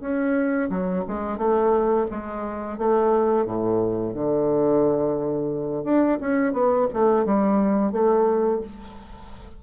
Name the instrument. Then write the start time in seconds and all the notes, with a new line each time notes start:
bassoon
0.00 C#4
0.69 F#3
1.07 G#3
1.37 A3
2.10 G#3
2.78 A3
3.45 A2
4.13 D3
5.84 D4
6.20 C#4
6.53 B3
6.93 A3
7.25 G3
7.92 A3